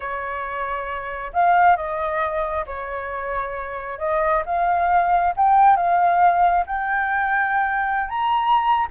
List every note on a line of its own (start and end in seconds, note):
0.00 1.31 C#5
1.33 1.76 F5
1.76 2.65 D#5
2.66 3.99 C#5
3.99 4.43 D#5
4.45 5.34 F5
5.36 5.76 G5
5.76 6.65 F5
6.66 8.09 G5
8.09 8.87 A#5